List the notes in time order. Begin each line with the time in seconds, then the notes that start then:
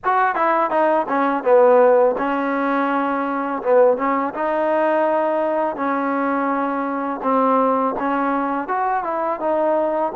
0.04 F#4
0.35 E4
0.70 D#4
1.08 C#4
1.43 B3
2.18 C#4
3.62 B3
3.97 C#4
4.33 D#4
5.75 C#4
7.23 C4
7.99 C#4
8.68 F#4
9.03 E4
9.40 D#4